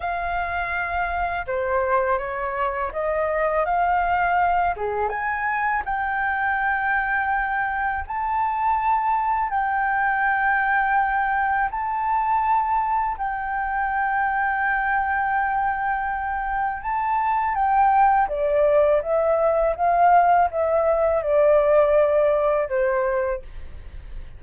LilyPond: \new Staff \with { instrumentName = "flute" } { \time 4/4 \tempo 4 = 82 f''2 c''4 cis''4 | dis''4 f''4. gis'8 gis''4 | g''2. a''4~ | a''4 g''2. |
a''2 g''2~ | g''2. a''4 | g''4 d''4 e''4 f''4 | e''4 d''2 c''4 | }